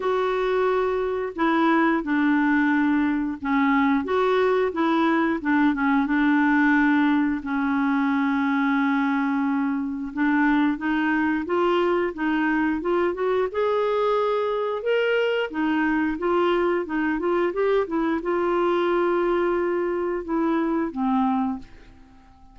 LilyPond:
\new Staff \with { instrumentName = "clarinet" } { \time 4/4 \tempo 4 = 89 fis'2 e'4 d'4~ | d'4 cis'4 fis'4 e'4 | d'8 cis'8 d'2 cis'4~ | cis'2. d'4 |
dis'4 f'4 dis'4 f'8 fis'8 | gis'2 ais'4 dis'4 | f'4 dis'8 f'8 g'8 e'8 f'4~ | f'2 e'4 c'4 | }